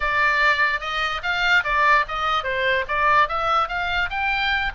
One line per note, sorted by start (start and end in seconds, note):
0.00 0.80 D5
0.80 1.21 D#5
1.22 1.63 F5
1.64 2.05 D5
2.08 2.43 D#5
2.43 2.84 C5
2.87 3.28 D5
3.28 3.68 E5
3.68 4.09 F5
4.10 4.71 G5